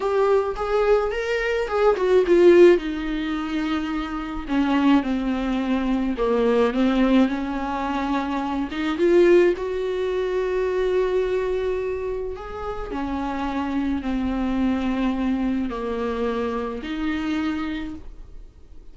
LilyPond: \new Staff \with { instrumentName = "viola" } { \time 4/4 \tempo 4 = 107 g'4 gis'4 ais'4 gis'8 fis'8 | f'4 dis'2. | cis'4 c'2 ais4 | c'4 cis'2~ cis'8 dis'8 |
f'4 fis'2.~ | fis'2 gis'4 cis'4~ | cis'4 c'2. | ais2 dis'2 | }